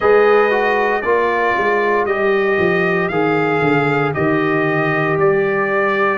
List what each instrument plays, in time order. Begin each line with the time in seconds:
0.00 tuba G#3, trombone G#4, horn B4, trumpet D#5
0.50 trombone F#4
1.01 tuba A#3, trombone F4, horn A#4, trumpet D5
1.56 tuba G#3
2.05 tuba G3, trombone G4, trumpet D#5
2.58 tuba F3
3.08 tuba D#3, trombone G#4, trumpet F5
3.61 tuba D3
4.14 tuba D#3, trombone G4, trumpet D#5
5.17 tuba G3, trumpet D5